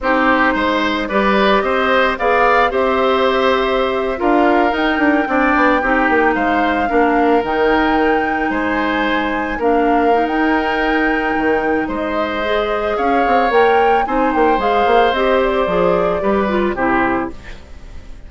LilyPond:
<<
  \new Staff \with { instrumentName = "flute" } { \time 4/4 \tempo 4 = 111 c''2 d''4 dis''4 | f''4 e''2~ e''8. f''16~ | f''8. g''2. f''16~ | f''4.~ f''16 g''2 gis''16~ |
gis''4.~ gis''16 f''4~ f''16 g''4~ | g''2 dis''2 | f''4 g''4 gis''8 g''8 f''4 | dis''8 d''2~ d''8 c''4 | }
  \new Staff \with { instrumentName = "oboe" } { \time 4/4 g'4 c''4 b'4 c''4 | d''4 c''2~ c''8. ais'16~ | ais'4.~ ais'16 d''4 g'4 c''16~ | c''8. ais'2. c''16~ |
c''4.~ c''16 ais'2~ ais'16~ | ais'2 c''2 | cis''2 c''2~ | c''2 b'4 g'4 | }
  \new Staff \with { instrumentName = "clarinet" } { \time 4/4 dis'2 g'2 | gis'4 g'2~ g'8. f'16~ | f'8. dis'4 d'4 dis'4~ dis'16~ | dis'8. d'4 dis'2~ dis'16~ |
dis'4.~ dis'16 d'4 dis'4~ dis'16~ | dis'2. gis'4~ | gis'4 ais'4 dis'4 gis'4 | g'4 gis'4 g'8 f'8 e'4 | }
  \new Staff \with { instrumentName = "bassoon" } { \time 4/4 c'4 gis4 g4 c'4 | b4 c'2~ c'8. d'16~ | d'8. dis'8 d'8 c'8 b8 c'8 ais8 gis16~ | gis8. ais4 dis2 gis16~ |
gis4.~ gis16 ais4~ ais16 dis'4~ | dis'4 dis4 gis2 | cis'8 c'8 ais4 c'8 ais8 gis8 ais8 | c'4 f4 g4 c4 | }
>>